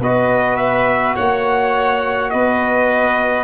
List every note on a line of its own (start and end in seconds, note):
0.00 1.15 B3
0.00 3.44 F#4
0.00 1.16 B4
0.00 0.56 D#5
0.56 1.14 E5
1.16 2.33 A#3
1.16 2.31 C#5
1.16 2.30 F#5
2.30 3.44 B3
2.30 3.44 B4
2.30 3.44 D#5